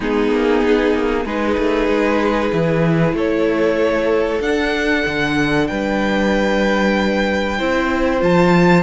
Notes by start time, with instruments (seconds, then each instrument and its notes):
0.00 cello G#3, viola B3, violin D#4 G#4
0.30 cello A#3
0.63 cello B3
0.93 cello A#3
1.25 cello G#3, viola D#4, violin G#4 B4
1.57 cello A3
1.88 cello G#3
2.52 cello E3, viola E4
3.13 cello A3, violin A4 C#5
4.40 cello D4, violin F#5
4.46 viola D4
5.06 cello D3
5.67 cello G3, violin B4 G5
7.57 cello C4, viola E4, violin C5
8.20 cello F3, viola F4, violin A5